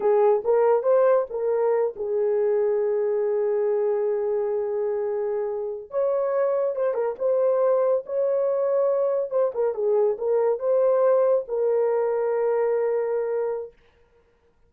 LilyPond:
\new Staff \with { instrumentName = "horn" } { \time 4/4 \tempo 4 = 140 gis'4 ais'4 c''4 ais'4~ | ais'8 gis'2.~ gis'8~ | gis'1~ | gis'4.~ gis'16 cis''2 c''16~ |
c''16 ais'8 c''2 cis''4~ cis''16~ | cis''4.~ cis''16 c''8 ais'8 gis'4 ais'16~ | ais'8. c''2 ais'4~ ais'16~ | ais'1 | }